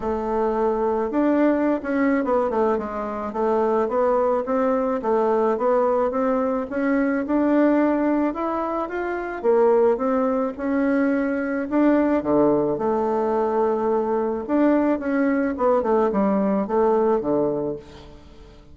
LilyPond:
\new Staff \with { instrumentName = "bassoon" } { \time 4/4 \tempo 4 = 108 a2 d'4~ d'16 cis'8. | b8 a8 gis4 a4 b4 | c'4 a4 b4 c'4 | cis'4 d'2 e'4 |
f'4 ais4 c'4 cis'4~ | cis'4 d'4 d4 a4~ | a2 d'4 cis'4 | b8 a8 g4 a4 d4 | }